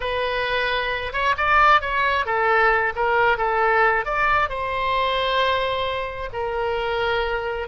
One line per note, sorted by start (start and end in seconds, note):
0.00 1.12 B4
1.12 1.35 C#5
1.37 1.81 D5
1.81 2.25 C#5
2.25 2.93 A4
2.95 3.37 A#4
3.37 4.05 A4
4.05 4.49 D5
4.49 6.29 C5
6.33 7.68 A#4